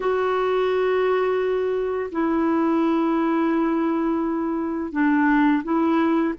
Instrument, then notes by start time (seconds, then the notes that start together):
clarinet
0.00 F#4
2.11 E4
4.92 D4
5.63 E4